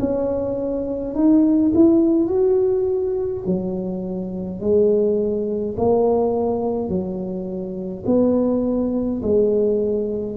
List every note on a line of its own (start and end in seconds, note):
0.00 1.14 C#4
1.14 1.72 D#4
1.75 2.28 E4
2.28 3.44 F#4
3.46 4.60 F#3
4.60 5.76 G#3
5.77 6.89 A#3
6.89 8.04 F#3
8.07 9.22 B3
9.23 10.37 G#3